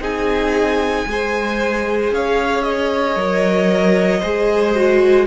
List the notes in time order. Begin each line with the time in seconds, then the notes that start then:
0.00 C4 D#4 G#4 G#5
1.07 G#3 G#4 C5
2.12 C#4 C#5 F5
2.64 D#5
3.16 F#3 A#4
4.20 G#3 G#4 C5
4.76 F#4